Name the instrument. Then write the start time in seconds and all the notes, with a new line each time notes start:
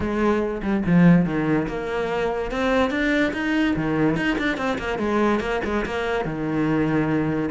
cello
0.00 G#3
0.62 G3
0.86 F3
1.25 D#3
1.68 A#3
2.51 C4
2.90 D4
3.33 D#4
3.76 D#3
4.16 D#4
4.38 D4
4.57 C4
4.78 A#3
4.98 G#3
5.39 A#3
5.64 G#3
5.85 A#3
6.24 D#3